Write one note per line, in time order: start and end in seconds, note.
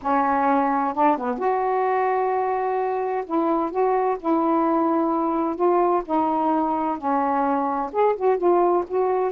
0.02 0.94 C#4
0.94 1.17 D4
1.17 1.38 B3
1.38 3.24 F#4
3.25 3.70 E4
3.70 4.17 F#4
4.19 5.55 E4
5.55 6.02 F4
6.05 6.98 D#4
6.98 7.91 C#4
7.92 8.15 G#4
8.15 8.37 F#4
8.37 8.84 F4
8.87 9.32 F#4